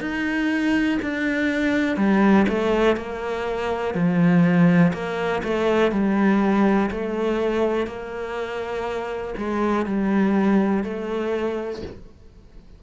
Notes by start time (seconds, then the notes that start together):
0.00 D#4
1.02 D4
1.96 G3
2.48 A3
2.96 A#3
3.94 F3
4.93 A#3
5.43 A3
5.92 G3
6.91 A3
7.86 A#3
9.37 G#3
9.85 G3
10.83 A3